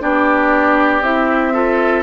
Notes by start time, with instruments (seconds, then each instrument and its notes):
0.00 bassoon B3, clarinet D4, oboe G4, flute D5
1.01 bassoon C4, clarinet E4, flute E5
1.53 clarinet F4, oboe A4